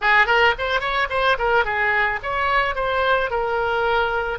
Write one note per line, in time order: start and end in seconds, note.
0.01 0.26 G#4
0.26 0.54 A#4
0.58 0.80 C5
0.80 1.08 C#5
1.09 1.37 C5
1.38 1.64 A#4
1.64 2.19 G#4
2.23 2.75 C#5
2.75 3.30 C5
3.30 4.39 A#4